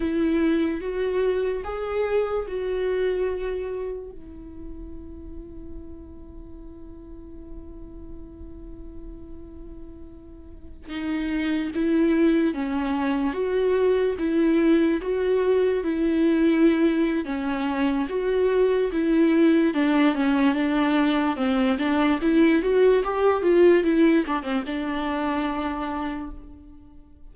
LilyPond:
\new Staff \with { instrumentName = "viola" } { \time 4/4 \tempo 4 = 73 e'4 fis'4 gis'4 fis'4~ | fis'4 e'2.~ | e'1~ | e'4~ e'16 dis'4 e'4 cis'8.~ |
cis'16 fis'4 e'4 fis'4 e'8.~ | e'4 cis'4 fis'4 e'4 | d'8 cis'8 d'4 c'8 d'8 e'8 fis'8 | g'8 f'8 e'8 d'16 c'16 d'2 | }